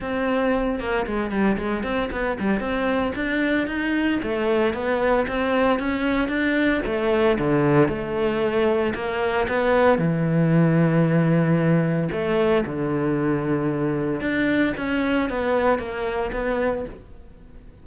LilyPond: \new Staff \with { instrumentName = "cello" } { \time 4/4 \tempo 4 = 114 c'4. ais8 gis8 g8 gis8 c'8 | b8 g8 c'4 d'4 dis'4 | a4 b4 c'4 cis'4 | d'4 a4 d4 a4~ |
a4 ais4 b4 e4~ | e2. a4 | d2. d'4 | cis'4 b4 ais4 b4 | }